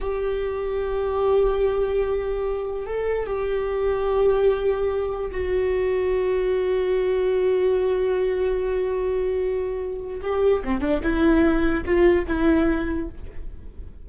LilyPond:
\new Staff \with { instrumentName = "viola" } { \time 4/4 \tempo 4 = 147 g'1~ | g'2. a'4 | g'1~ | g'4 fis'2.~ |
fis'1~ | fis'1~ | fis'4 g'4 c'8 d'8 e'4~ | e'4 f'4 e'2 | }